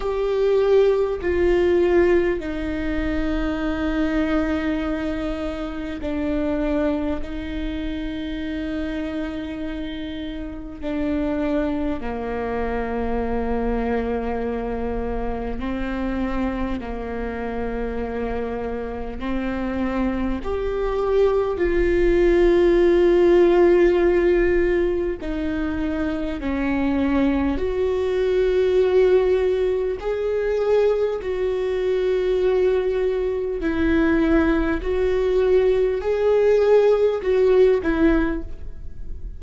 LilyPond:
\new Staff \with { instrumentName = "viola" } { \time 4/4 \tempo 4 = 50 g'4 f'4 dis'2~ | dis'4 d'4 dis'2~ | dis'4 d'4 ais2~ | ais4 c'4 ais2 |
c'4 g'4 f'2~ | f'4 dis'4 cis'4 fis'4~ | fis'4 gis'4 fis'2 | e'4 fis'4 gis'4 fis'8 e'8 | }